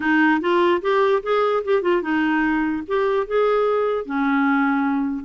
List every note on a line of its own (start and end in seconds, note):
0.00 0.40 D#4
0.40 0.81 F4
0.81 1.22 G4
1.22 1.63 G#4
1.64 1.81 G4
1.81 2.02 F4
2.02 2.83 D#4
2.87 3.26 G4
3.26 4.05 G#4
4.05 5.25 C#4